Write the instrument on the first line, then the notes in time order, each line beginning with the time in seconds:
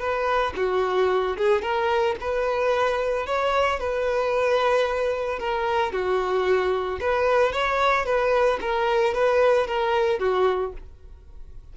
violin
0.00 B4
0.57 F#4
1.38 G#4
1.62 A#4
2.21 B4
3.27 C#5
3.80 B4
5.40 A#4
5.93 F#4
7.01 B4
7.53 C#5
8.06 B4
8.61 A#4
9.14 B4
9.67 A#4
10.20 F#4